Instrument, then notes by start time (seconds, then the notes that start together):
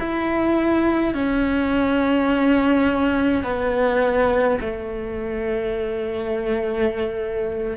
cello
0.00 E4
1.14 C#4
3.44 B3
4.60 A3